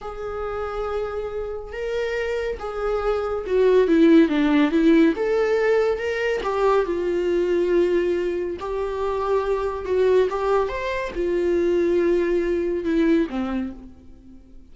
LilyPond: \new Staff \with { instrumentName = "viola" } { \time 4/4 \tempo 4 = 140 gis'1 | ais'2 gis'2 | fis'4 e'4 d'4 e'4 | a'2 ais'4 g'4 |
f'1 | g'2. fis'4 | g'4 c''4 f'2~ | f'2 e'4 c'4 | }